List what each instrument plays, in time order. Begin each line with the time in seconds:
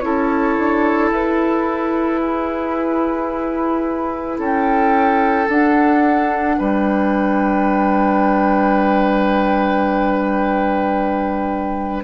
0.00 bassoon C#4, clarinet E4, oboe A4, flute C#5
0.58 bassoon D4
1.12 bassoon E4, flute B4
2.21 oboe G#4
4.38 bassoon C#4, oboe A4, flute G5
5.49 clarinet D4, bassoon D4, flute F#5
6.58 bassoon G3, oboe B4, flute G5